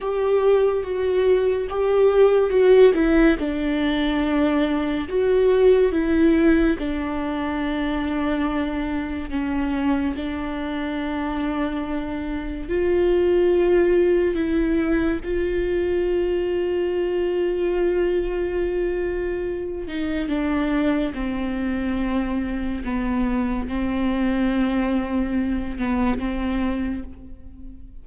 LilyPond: \new Staff \with { instrumentName = "viola" } { \time 4/4 \tempo 4 = 71 g'4 fis'4 g'4 fis'8 e'8 | d'2 fis'4 e'4 | d'2. cis'4 | d'2. f'4~ |
f'4 e'4 f'2~ | f'2.~ f'8 dis'8 | d'4 c'2 b4 | c'2~ c'8 b8 c'4 | }